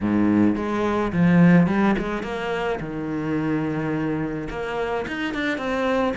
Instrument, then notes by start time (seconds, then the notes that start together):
cello
0.01 G#2
0.55 G#3
1.12 F3
1.67 G3
1.98 G#3
2.23 A#3
2.80 D#3
4.49 A#3
5.07 D#4
5.33 D4
5.57 C4